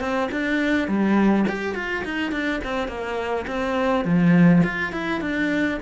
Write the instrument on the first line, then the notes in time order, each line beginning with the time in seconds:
cello
0.00 C4
0.31 D4
0.88 G3
1.48 G4
1.75 F4
2.04 D#4
2.31 D4
2.64 C4
2.88 A#3
3.47 C4
4.05 F3
4.63 F4
4.92 E4
5.21 D4